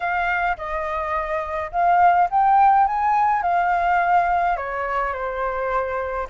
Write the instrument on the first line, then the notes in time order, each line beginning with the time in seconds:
flute
0.00 F5
0.57 D#5
1.71 F5
2.30 G5
2.86 G#5
3.42 F5
4.56 C#5
5.13 C5